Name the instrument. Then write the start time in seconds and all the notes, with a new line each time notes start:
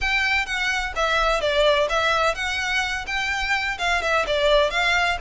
violin
0.01 G5
0.46 F#5
0.95 E5
1.40 D5
1.89 E5
2.34 F#5
3.07 G5
3.78 F5
4.02 E5
4.26 D5
4.70 F5